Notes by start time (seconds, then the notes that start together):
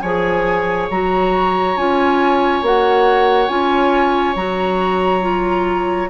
0.00 F3 G#4 C#5 G#5
0.90 F#3 F#4 A#5
1.76 C#4 F4 G#5
2.62 A#3 F#4 F#5
3.48 C#4 F4 G#5
4.36 F#3 F#4 A#5
5.21 F4